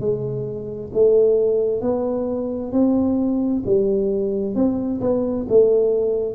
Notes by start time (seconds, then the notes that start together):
0.00 G#3
0.93 A3
1.81 B3
2.72 C4
3.65 G3
4.55 C4
5.01 B3
5.49 A3